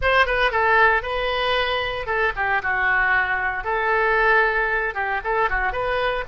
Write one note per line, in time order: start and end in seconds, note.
0.01 0.25 C5
0.25 0.51 B4
0.51 1.02 A4
1.02 2.06 B4
2.06 2.32 A4
2.35 2.62 G4
2.62 3.64 F#4
3.64 4.94 A4
4.94 5.20 G4
5.24 5.49 A4
5.49 5.72 F#4
5.72 6.24 B4